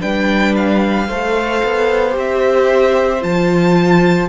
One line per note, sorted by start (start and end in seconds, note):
0.00 1.09 G3
0.00 1.07 D4
0.00 1.08 B4
0.00 0.55 G5
0.56 2.17 F5
1.08 1.63 A3
1.08 2.11 A4
1.08 4.29 C5
1.64 2.16 B3
2.11 3.23 C4
2.11 3.18 G4
2.19 3.24 E5
3.21 4.29 F3
3.21 4.28 F4
3.21 4.29 A5